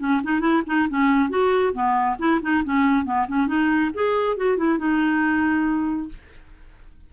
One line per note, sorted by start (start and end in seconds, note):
0.00 0.22 C#4
0.24 0.41 D#4
0.41 0.63 E4
0.67 0.89 D#4
0.90 1.30 C#4
1.30 1.74 F#4
1.74 2.17 B3
2.19 2.41 E4
2.42 2.64 D#4
2.65 3.05 C#4
3.05 3.27 B3
3.28 3.48 C#4
3.48 3.91 D#4
3.94 4.37 G#4
4.37 4.58 F#4
4.58 4.79 E4
4.79 6.09 D#4